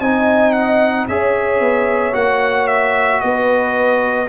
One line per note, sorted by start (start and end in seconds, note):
0.00 1.07 C4
0.00 1.10 D#4
0.00 1.08 D#5
0.00 0.53 G#5
0.53 1.06 F#5
1.08 1.60 C#4
1.08 2.12 G#4
1.08 3.23 C#5
1.08 2.15 E5
1.60 2.14 B3
2.12 3.22 A#3
2.12 4.27 F#4
2.12 2.67 F#5
2.67 3.21 E5
3.21 4.29 B3
3.21 4.29 B4
3.21 4.28 D#5